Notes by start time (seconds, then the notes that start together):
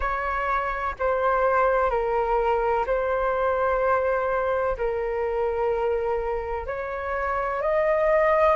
0.00 C#5
0.99 C5
1.90 A#4
2.86 C5
4.77 A#4
6.66 C#5
7.61 D#5